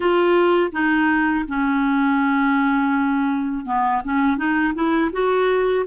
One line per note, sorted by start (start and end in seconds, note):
0.00 0.72 F4
0.72 1.45 D#4
1.48 3.65 C#4
3.65 4.02 B3
4.04 4.37 C#4
4.37 4.73 D#4
4.74 5.11 E4
5.12 5.85 F#4